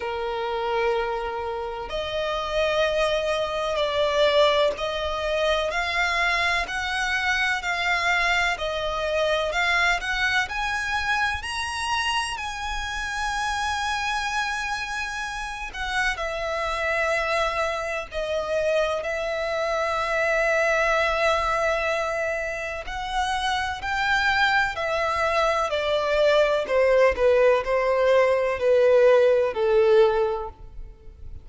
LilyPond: \new Staff \with { instrumentName = "violin" } { \time 4/4 \tempo 4 = 63 ais'2 dis''2 | d''4 dis''4 f''4 fis''4 | f''4 dis''4 f''8 fis''8 gis''4 | ais''4 gis''2.~ |
gis''8 fis''8 e''2 dis''4 | e''1 | fis''4 g''4 e''4 d''4 | c''8 b'8 c''4 b'4 a'4 | }